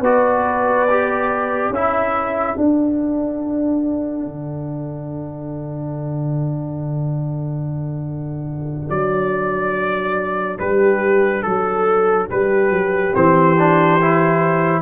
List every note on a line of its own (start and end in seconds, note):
0.00 1.69 B3
0.00 0.88 F#4
0.00 1.69 B4
0.00 1.73 D5
0.89 1.74 G4
1.70 2.54 C#4
1.70 2.56 E4
1.70 10.57 A4
1.70 2.58 E5
2.56 13.12 D4
2.56 4.25 D4
2.56 8.89 F#5
4.25 8.89 D3
8.89 10.58 F#3
8.89 10.58 D5
10.59 11.44 G3
10.59 11.44 G4
10.59 11.42 B4
11.42 12.29 F#3
11.42 12.27 A4
11.42 12.29 A4
12.29 12.70 G3
12.29 14.82 G4
12.29 13.14 B4
12.70 13.12 F#3
13.13 14.82 E3
13.13 13.55 C4
13.13 14.82 C5
13.58 14.00 D4
14.01 14.82 E4